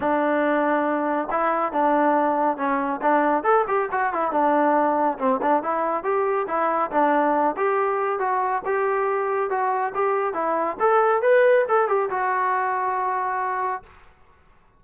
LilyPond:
\new Staff \with { instrumentName = "trombone" } { \time 4/4 \tempo 4 = 139 d'2. e'4 | d'2 cis'4 d'4 | a'8 g'8 fis'8 e'8 d'2 | c'8 d'8 e'4 g'4 e'4 |
d'4. g'4. fis'4 | g'2 fis'4 g'4 | e'4 a'4 b'4 a'8 g'8 | fis'1 | }